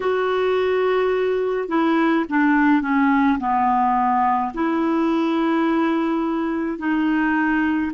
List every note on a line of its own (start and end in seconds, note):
0.00 1.68 F#4
1.68 2.25 E4
2.29 2.81 D4
2.81 3.38 C#4
3.39 4.52 B3
4.53 6.78 E4
6.78 7.91 D#4